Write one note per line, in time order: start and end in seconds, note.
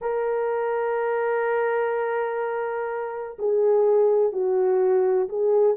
0.01 3.37 A#4
3.38 4.32 G#4
4.32 5.28 F#4
5.28 5.76 G#4